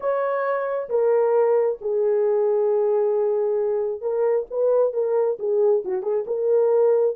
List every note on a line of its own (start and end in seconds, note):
0.00 0.89 C#5
0.89 1.78 A#4
1.81 4.01 G#4
4.01 4.46 A#4
4.50 4.93 B4
4.93 5.38 A#4
5.39 5.83 G#4
5.85 6.02 F#4
6.02 6.25 G#4
6.26 7.16 A#4